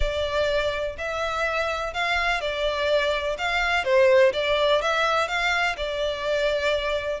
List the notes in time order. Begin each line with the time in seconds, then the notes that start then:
0.00 D5
0.98 E5
1.93 F5
2.40 D5
3.37 F5
3.84 C5
4.33 D5
4.81 E5
5.28 F5
5.76 D5